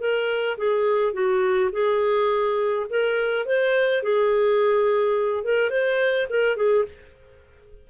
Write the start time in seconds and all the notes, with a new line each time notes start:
0.00 A#4
0.57 G#4
1.13 F#4
1.72 G#4
2.90 A#4
3.45 C5
4.03 G#4
5.44 A#4
5.70 C5
6.30 A#4
6.56 G#4